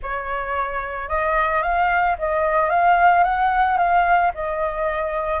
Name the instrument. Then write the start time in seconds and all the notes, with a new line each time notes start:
flute
0.02 C#5
1.08 D#5
1.62 F5
2.18 D#5
2.69 F5
3.23 F#5
3.77 F5
4.34 D#5